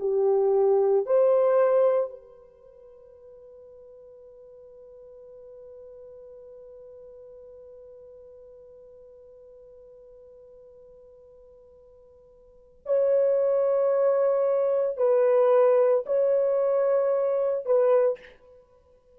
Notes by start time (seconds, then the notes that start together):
0.00 G4
1.06 C5
2.10 B4
12.86 C#5
14.97 B4
16.06 C#5
17.65 B4